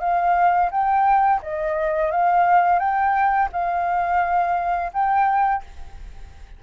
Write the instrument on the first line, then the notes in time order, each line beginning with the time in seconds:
flute
0.00 F5
0.71 G5
1.42 D#5
2.11 F5
2.79 G5
3.52 F5
4.93 G5